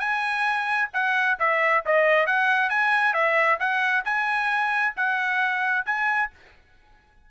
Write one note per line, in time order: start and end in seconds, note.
0.00 0.90 G#5
0.94 1.38 F#5
1.40 1.85 E5
1.86 2.27 D#5
2.27 2.70 F#5
2.70 3.14 G#5
3.14 3.59 E5
3.60 4.05 F#5
4.05 4.95 G#5
4.97 5.86 F#5
5.86 6.31 G#5